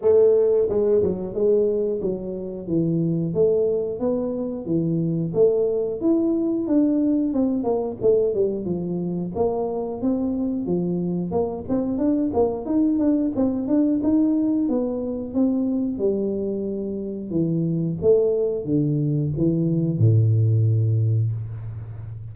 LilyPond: \new Staff \with { instrumentName = "tuba" } { \time 4/4 \tempo 4 = 90 a4 gis8 fis8 gis4 fis4 | e4 a4 b4 e4 | a4 e'4 d'4 c'8 ais8 | a8 g8 f4 ais4 c'4 |
f4 ais8 c'8 d'8 ais8 dis'8 d'8 | c'8 d'8 dis'4 b4 c'4 | g2 e4 a4 | d4 e4 a,2 | }